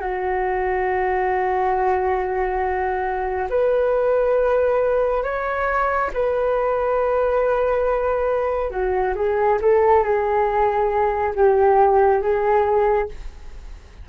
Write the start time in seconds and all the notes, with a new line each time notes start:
0.00 F#4
3.49 B4
5.23 C#5
6.13 B4
8.70 F#4
9.15 G#4
9.61 A4
10.04 G#4
11.35 G4
12.21 G#4